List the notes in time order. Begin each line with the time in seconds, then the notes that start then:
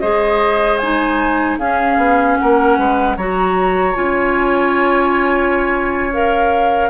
0.00 G#3 G#4 C5 D#5
0.78 D#4 G#5
1.57 C#4 G#4 F5
1.97 B3
2.37 A#3 A#4 F#5
2.78 G#3 B4
3.17 F#3 F#4 C#5 A#5
3.94 C#4 F4 G#5
6.13 A#4 F5